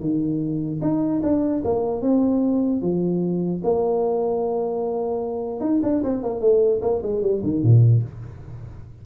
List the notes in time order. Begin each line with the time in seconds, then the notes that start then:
0.00 D#3
0.82 D#4
1.23 D4
1.65 A#3
2.02 C4
2.81 F3
3.64 A#3
5.61 D#4
5.83 D4
6.03 C4
6.23 A#3
6.41 A3
6.82 A#3
7.02 G#3
7.22 G3
7.43 D#3
7.63 A#2